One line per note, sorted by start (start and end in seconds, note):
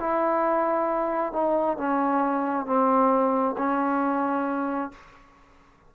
0.00 1.33 E4
1.33 1.78 D#4
1.78 2.66 C#4
2.66 3.56 C4
3.58 4.92 C#4